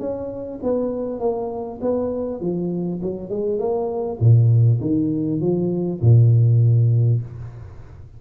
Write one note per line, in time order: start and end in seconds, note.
0.00 0.60 C#4
0.63 1.20 B3
1.20 1.80 A#3
1.81 2.41 B3
2.41 3.01 F3
3.02 3.30 F#3
3.30 3.59 G#3
3.59 4.19 A#3
4.20 4.80 A#2
4.81 5.41 D#3
5.41 6.01 F3
6.01 7.21 A#2